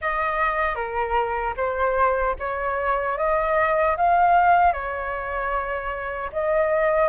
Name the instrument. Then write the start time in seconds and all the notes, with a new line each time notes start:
flute
0.01 D#5
0.75 A#4
1.56 C5
2.39 C#5
3.17 D#5
3.97 F5
4.72 C#5
6.32 D#5